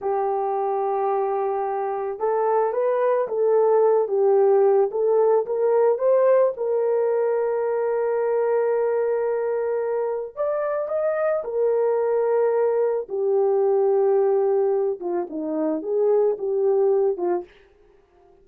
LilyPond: \new Staff \with { instrumentName = "horn" } { \time 4/4 \tempo 4 = 110 g'1 | a'4 b'4 a'4. g'8~ | g'4 a'4 ais'4 c''4 | ais'1~ |
ais'2. d''4 | dis''4 ais'2. | g'2.~ g'8 f'8 | dis'4 gis'4 g'4. f'8 | }